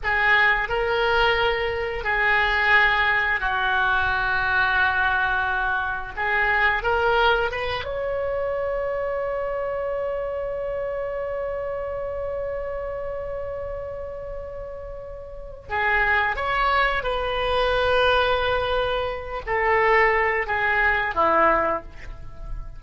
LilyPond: \new Staff \with { instrumentName = "oboe" } { \time 4/4 \tempo 4 = 88 gis'4 ais'2 gis'4~ | gis'4 fis'2.~ | fis'4 gis'4 ais'4 b'8 cis''8~ | cis''1~ |
cis''1~ | cis''2. gis'4 | cis''4 b'2.~ | b'8 a'4. gis'4 e'4 | }